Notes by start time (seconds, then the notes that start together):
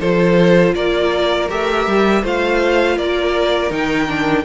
0.00 F3 F4 A4 C5
0.75 A#3 A#4 D5
1.49 A3 G4 E5
1.87 G3
2.23 A3 F4 C5 F5
2.97 A#3 A#4 D5
3.70 D#3 D#4 G5
4.08 D4